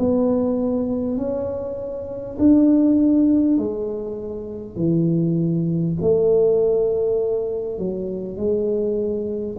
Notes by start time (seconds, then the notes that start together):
0.00 B3
1.18 C#4
2.39 D4
3.59 G#3
4.77 E3
6.02 A3
7.79 F#3
8.37 G#3